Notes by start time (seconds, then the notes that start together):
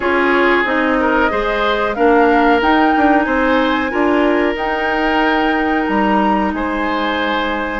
0.00 C#4 F4 G#4 C#5
0.64 C4 D#4 D#5
0.99 A#4
1.29 G#3 G#4 C5
1.94 A#3 D4 A#4 F5
2.61 D#4 G5
2.96 D4
3.22 C4 C5 G#5
3.89 D4 F4 A#4
4.55 D#4 G5
5.87 G3 A#5
6.53 G#3 C5 G#5